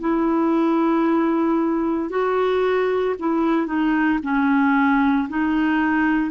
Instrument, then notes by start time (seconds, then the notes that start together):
clarinet
0.00 E4
2.10 F#4
3.19 E4
3.66 D#4
4.23 C#4
5.29 D#4